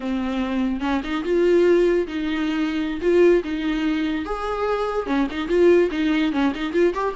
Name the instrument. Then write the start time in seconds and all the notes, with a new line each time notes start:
viola
0.00 C4
0.80 C#4
1.03 D#4
1.24 F4
2.07 D#4
3.01 F4
3.44 D#4
4.25 G#4
5.06 C#4
5.30 D#4
5.48 F4
5.91 D#4
6.32 C#4
6.55 D#4
6.73 F4
6.93 G4